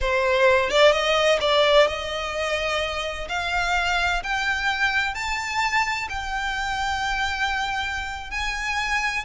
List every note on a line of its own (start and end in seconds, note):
0.00 0.70 C5
0.70 0.92 D5
0.92 1.38 D#5
1.40 1.87 D5
1.87 3.27 D#5
3.29 4.22 F5
4.23 5.14 G5
5.14 6.08 A5
6.09 8.31 G5
8.31 9.24 G#5